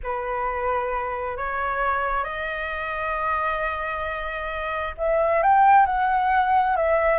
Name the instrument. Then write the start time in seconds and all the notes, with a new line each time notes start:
flute
0.03 B4
1.37 C#5
2.24 D#5
4.97 E5
5.42 G5
5.86 F#5
6.76 E5